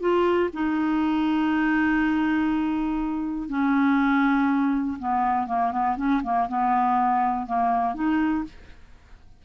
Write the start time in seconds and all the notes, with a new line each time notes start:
0.00 F4
0.53 D#4
3.49 C#4
4.99 B3
5.47 A#3
5.72 B3
5.96 C#4
6.23 A#3
6.48 B3
7.46 A#3
7.94 D#4